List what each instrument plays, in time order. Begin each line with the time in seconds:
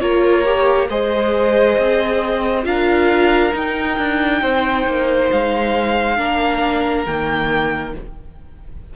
0.00 cello A#3, viola F4, violin A#4 C#5
0.45 viola G4
0.90 cello G#3, viola G#4, violin C5 D#5
1.79 cello C4
2.63 cello D4, viola F4, violin A#4 F5
3.54 viola D#4, cello D#4, violin G5
3.98 cello D4
4.42 cello C4, violin C5
4.86 cello A#3
5.32 cello G#3, violin F5
6.17 cello A#3, viola D4, violin A#4
7.06 cello D#3, viola A#3, violin G5